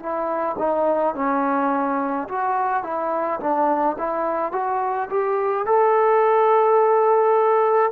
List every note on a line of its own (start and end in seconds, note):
0.00 0.57 E4
0.59 1.15 D#4
1.15 2.28 C#4
2.29 2.84 F#4
2.84 3.40 E4
3.41 3.97 D4
3.99 4.53 E4
4.53 5.09 F#4
5.10 5.67 G4
5.67 7.92 A4